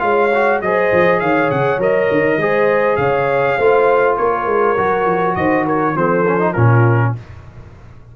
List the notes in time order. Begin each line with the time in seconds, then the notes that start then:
0.00 G#3 F4 C#5 F5
0.34 F#4
0.62 F#3 G#4 C5 D#5
0.93 F3
1.20 D#3 C#5 F5
1.51 C#3 F#5
1.78 F#3 A#4 D#5
2.12 D#3
2.37 G#3 G#4 C5
2.97 C#3 C#5 F5
3.57 A3 F4 C5
4.18 A#3 A#4 C#5
4.46 G#3
4.78 F#3 F#4
5.06 F3
5.36 D#3 C5 D#5
5.65 A#4 C#5
5.96 F3 C4 A4 C5
6.27 C#4
6.40 D#4
6.52 A#2 C#4 F4 A#4